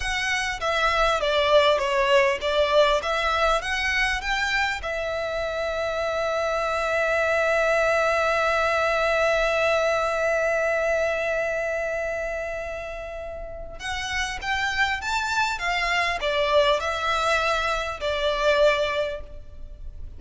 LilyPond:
\new Staff \with { instrumentName = "violin" } { \time 4/4 \tempo 4 = 100 fis''4 e''4 d''4 cis''4 | d''4 e''4 fis''4 g''4 | e''1~ | e''1~ |
e''1~ | e''2. fis''4 | g''4 a''4 f''4 d''4 | e''2 d''2 | }